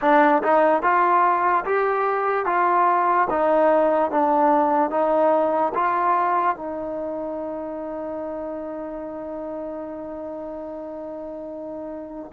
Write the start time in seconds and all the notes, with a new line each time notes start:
0.01 D4
0.42 D#4
0.82 F4
1.65 G4
2.45 F4
3.30 D#4
4.10 D4
4.90 D#4
5.74 F4
6.56 D#4